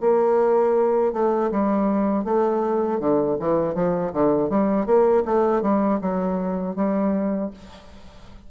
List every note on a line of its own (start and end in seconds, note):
0.00 1.12 A#3
1.12 1.50 A3
1.51 2.24 G3
2.24 2.99 A3
2.99 3.37 D3
3.39 3.74 E3
3.74 4.11 F3
4.12 4.49 D3
4.49 4.86 G3
4.86 5.23 A#3
5.25 5.61 A3
5.61 5.99 G3
6.01 6.75 F#3
6.75 7.50 G3